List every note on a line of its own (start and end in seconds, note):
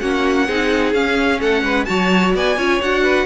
0.00 0.48 A#3
0.00 0.48 C#4
0.00 0.46 F#4
0.00 0.93 F#5
0.46 0.94 C4
0.46 0.95 D#4
0.46 1.39 G#4
0.94 1.40 C#4
0.94 1.86 C#4
0.94 1.41 F5
1.40 1.62 A3
1.40 1.63 A4
1.40 1.85 F#5
1.62 1.86 G#3
1.62 1.87 B4
1.85 2.34 F#3
1.85 2.56 F#4
1.85 2.35 C#5
1.85 2.31 A5
2.34 2.57 B3
2.34 2.57 D5
2.34 2.82 G#5
2.57 2.81 C#4
2.57 2.81 F4
2.57 3.04 C#5
2.81 3.26 D4
2.81 3.26 F#4
2.81 3.26 F#5
3.04 3.26 B4